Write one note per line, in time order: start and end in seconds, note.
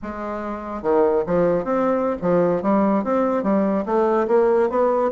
0.02 0.82 G#3
0.82 1.24 D#3
1.26 1.64 F3
1.64 2.16 C4
2.21 2.62 F3
2.62 3.04 G3
3.04 3.43 C4
3.43 3.84 G3
3.85 4.27 A3
4.27 4.69 A#3
4.69 5.11 B3